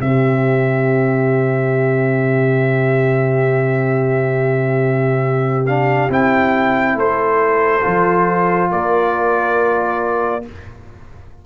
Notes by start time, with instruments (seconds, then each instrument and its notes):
0.00 tuba C3, trombone C4, horn G4, trumpet E5
5.66 trombone D4, trumpet F5
6.09 tuba C4, trombone E4, trumpet G5
6.95 tuba A3, horn A4, trumpet C5
7.81 tuba F3, trombone F4
8.71 tuba A#3, horn A#4, trumpet D5